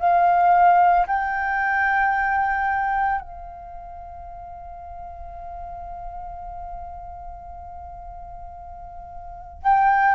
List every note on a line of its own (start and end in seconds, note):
0.00 1.07 F5
1.07 3.21 G5
3.21 9.63 F5
9.63 10.15 G5